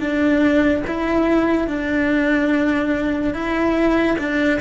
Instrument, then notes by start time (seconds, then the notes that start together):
cello
0.00 D4
0.87 E4
1.68 D4
3.34 E4
4.19 D4